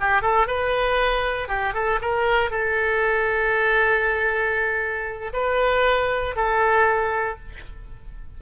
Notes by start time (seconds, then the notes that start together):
0.00 G4
0.21 A4
0.47 B4
1.48 G4
1.73 A4
2.01 A#4
2.50 A4
5.33 B4
6.36 A4